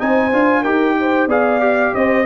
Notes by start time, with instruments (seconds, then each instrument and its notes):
0.00 tuba C4, trombone D#4, horn C5, trumpet G#5
0.33 tuba D4, trombone F4
0.62 tuba D#4, trombone G4, horn A#4, trumpet G5
1.00 horn C5
1.28 tuba B3, trombone G#4, horn D5, trumpet F5
1.60 trombone G4
1.95 tuba C4, horn C5, trumpet D#5